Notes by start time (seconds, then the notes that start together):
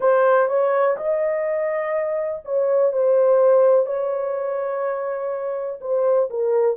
0.00 C5
0.48 C#5
0.96 D#5
2.45 C#5
2.92 C5
3.86 C#5
5.80 C5
6.29 A#4